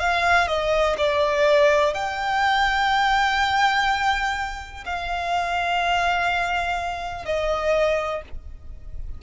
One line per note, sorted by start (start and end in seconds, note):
0.00 0.48 F5
0.48 0.96 D#5
0.98 1.94 D5
1.94 4.85 G5
4.86 7.26 F5
7.26 8.23 D#5